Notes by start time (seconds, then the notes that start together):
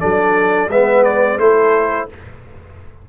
0.00 F#3 D4 A4 D5
0.69 G#3 B3 B4 E5
1.04 D5
1.39 A3 E4 A4 C5